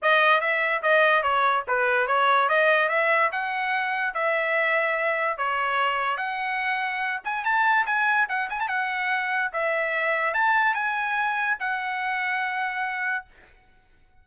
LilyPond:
\new Staff \with { instrumentName = "trumpet" } { \time 4/4 \tempo 4 = 145 dis''4 e''4 dis''4 cis''4 | b'4 cis''4 dis''4 e''4 | fis''2 e''2~ | e''4 cis''2 fis''4~ |
fis''4. gis''8 a''4 gis''4 | fis''8 gis''16 a''16 fis''2 e''4~ | e''4 a''4 gis''2 | fis''1 | }